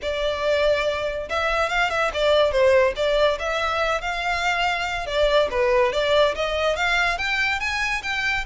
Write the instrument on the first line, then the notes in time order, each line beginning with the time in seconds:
violin
0.02 D5
1.29 E5
1.69 F5
1.90 E5
2.13 D5
2.51 C5
2.96 D5
3.39 E5
4.01 F5
5.06 D5
5.50 B4
5.92 D5
6.35 D#5
6.76 F5
7.18 G5
7.60 G#5
8.03 G5